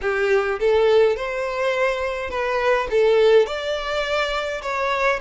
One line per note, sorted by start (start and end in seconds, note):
0.01 0.59 G4
0.59 1.16 A4
1.16 2.30 C5
2.30 2.87 B4
2.90 3.46 A4
3.46 4.61 D5
4.62 5.19 C#5